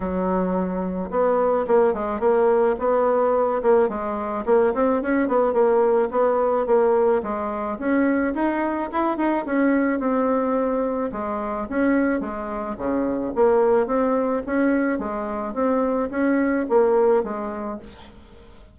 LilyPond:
\new Staff \with { instrumentName = "bassoon" } { \time 4/4 \tempo 4 = 108 fis2 b4 ais8 gis8 | ais4 b4. ais8 gis4 | ais8 c'8 cis'8 b8 ais4 b4 | ais4 gis4 cis'4 dis'4 |
e'8 dis'8 cis'4 c'2 | gis4 cis'4 gis4 cis4 | ais4 c'4 cis'4 gis4 | c'4 cis'4 ais4 gis4 | }